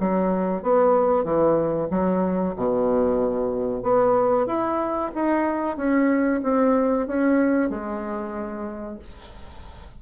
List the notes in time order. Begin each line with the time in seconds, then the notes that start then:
0.00 F#3
0.62 B3
1.24 E3
1.90 F#3
2.56 B2
3.83 B3
4.46 E4
5.15 D#4
5.77 C#4
6.43 C4
7.07 C#4
7.69 G#3